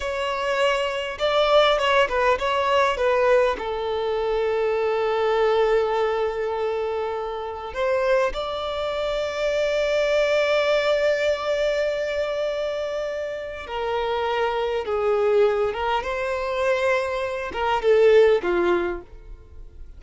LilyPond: \new Staff \with { instrumentName = "violin" } { \time 4/4 \tempo 4 = 101 cis''2 d''4 cis''8 b'8 | cis''4 b'4 a'2~ | a'1~ | a'4 c''4 d''2~ |
d''1~ | d''2. ais'4~ | ais'4 gis'4. ais'8 c''4~ | c''4. ais'8 a'4 f'4 | }